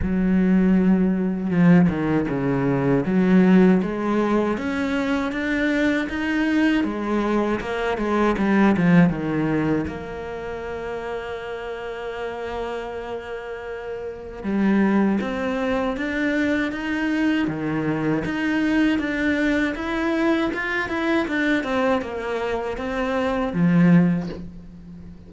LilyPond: \new Staff \with { instrumentName = "cello" } { \time 4/4 \tempo 4 = 79 fis2 f8 dis8 cis4 | fis4 gis4 cis'4 d'4 | dis'4 gis4 ais8 gis8 g8 f8 | dis4 ais2.~ |
ais2. g4 | c'4 d'4 dis'4 dis4 | dis'4 d'4 e'4 f'8 e'8 | d'8 c'8 ais4 c'4 f4 | }